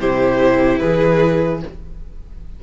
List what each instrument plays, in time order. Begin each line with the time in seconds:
0.00 cello C3, viola E4, violin G4 C5
0.79 cello E3, violin G#4 B4